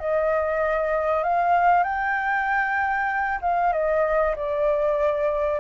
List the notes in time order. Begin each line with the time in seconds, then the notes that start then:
0.00 D#5
1.24 F5
1.84 G5
3.42 F5
3.73 D#5
4.36 D5